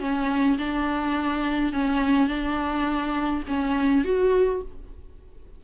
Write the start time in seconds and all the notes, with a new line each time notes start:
0.00 C#4
0.58 D4
1.73 C#4
2.28 D4
3.48 C#4
4.05 F#4